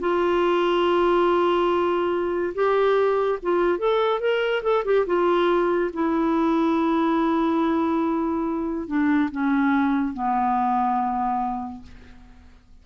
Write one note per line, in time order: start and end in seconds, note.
0.00 2.54 F4
2.55 3.39 G4
3.43 3.78 F4
3.78 4.20 A4
4.20 4.62 A#4
4.63 4.84 A4
4.85 5.06 G4
5.06 5.91 F4
5.93 8.87 E4
8.87 9.30 D4
9.31 10.14 C#4
10.14 11.83 B3